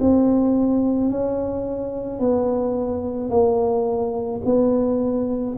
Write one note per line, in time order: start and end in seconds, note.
0.00 1.11 C4
1.11 2.19 C#4
2.19 3.29 B3
3.29 4.40 A#3
4.44 5.56 B3